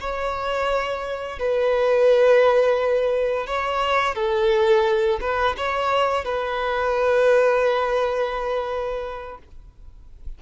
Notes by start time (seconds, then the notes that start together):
0.00 C#5
1.39 B4
3.47 C#5
4.15 A4
5.21 B4
5.57 C#5
6.24 B4